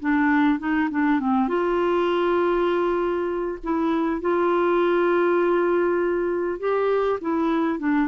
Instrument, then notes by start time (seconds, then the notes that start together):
clarinet
0.00 D4
0.59 D#4
0.91 D4
1.20 C4
1.48 F4
3.64 E4
4.21 F4
6.60 G4
7.21 E4
7.79 D4